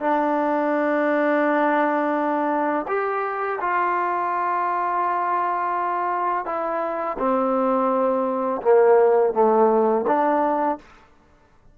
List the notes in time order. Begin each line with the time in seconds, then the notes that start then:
0.00 D4
2.88 G4
3.61 F4
6.45 E4
7.19 C4
8.62 A#3
9.33 A3
10.07 D4